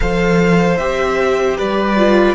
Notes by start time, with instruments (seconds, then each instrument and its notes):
0.00 cello F3, viola A4, violin C5 F5
0.77 cello C4, viola G4, violin E5
1.57 cello G3, violin B4 D5
1.97 viola F4